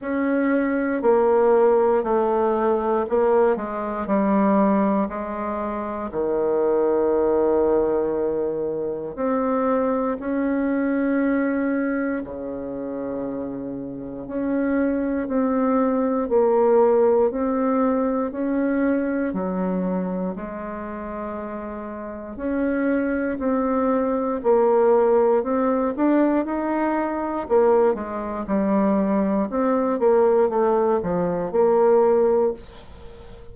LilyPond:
\new Staff \with { instrumentName = "bassoon" } { \time 4/4 \tempo 4 = 59 cis'4 ais4 a4 ais8 gis8 | g4 gis4 dis2~ | dis4 c'4 cis'2 | cis2 cis'4 c'4 |
ais4 c'4 cis'4 fis4 | gis2 cis'4 c'4 | ais4 c'8 d'8 dis'4 ais8 gis8 | g4 c'8 ais8 a8 f8 ais4 | }